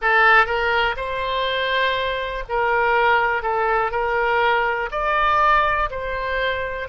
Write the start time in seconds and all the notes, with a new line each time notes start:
0.01 A4
0.46 A#4
0.96 C5
2.49 A#4
3.42 A4
3.91 A#4
4.91 D5
5.90 C5